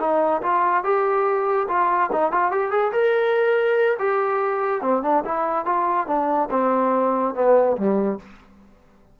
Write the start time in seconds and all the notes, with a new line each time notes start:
0.00 D#4
0.42 F4
0.84 G4
1.68 F4
2.12 D#4
2.32 F4
2.52 G4
2.71 G#4
2.93 A#4
3.99 G4
4.82 C4
5.03 D4
5.25 E4
5.65 F4
6.07 D4
6.51 C4
7.35 B3
7.77 G3